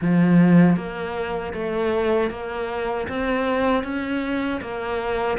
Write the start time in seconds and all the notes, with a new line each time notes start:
0.01 F3
0.76 A#3
1.53 A3
2.30 A#3
3.08 C4
3.83 C#4
4.61 A#3